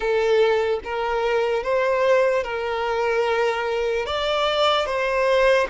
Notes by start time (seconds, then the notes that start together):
0.00 A4
0.84 A#4
1.63 C5
2.43 A#4
4.05 D5
4.86 C5